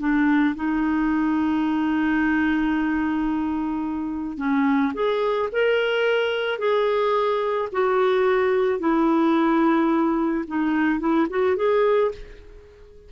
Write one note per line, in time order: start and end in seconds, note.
0.00 0.55 D4
0.56 4.38 D#4
4.38 4.93 C#4
4.94 5.49 G#4
5.52 6.59 A#4
6.59 7.69 G#4
7.72 8.80 F#4
8.80 10.45 E4
10.47 11.00 D#4
11.00 11.27 E4
11.30 11.56 F#4
11.56 12.12 G#4